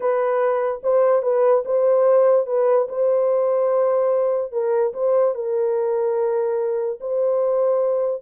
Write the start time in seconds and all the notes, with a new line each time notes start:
0.00 B4
0.83 C5
1.22 B4
1.65 C5
2.46 B4
2.89 C5
4.51 A#4
4.93 C5
5.35 A#4
7.00 C5